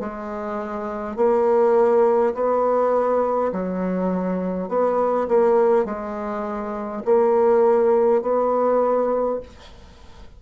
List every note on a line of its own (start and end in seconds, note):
0.00 1.16 G#3
1.16 2.34 A#3
2.34 3.52 B3
3.52 4.68 F#3
4.68 5.27 B3
5.28 5.85 A#3
5.85 7.03 G#3
7.05 8.22 A#3
8.22 9.40 B3